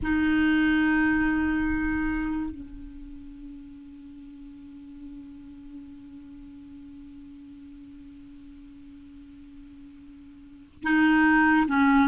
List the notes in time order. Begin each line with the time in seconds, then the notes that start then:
0.02 D#4
2.51 C#4
10.83 D#4
11.67 C#4